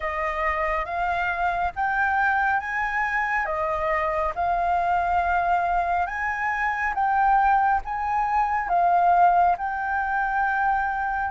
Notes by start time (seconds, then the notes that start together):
0.00 D#5
0.85 F5
1.75 G5
2.59 G#5
3.45 D#5
4.35 F5
6.06 G#5
6.94 G5
7.84 G#5
8.68 F5
9.57 G5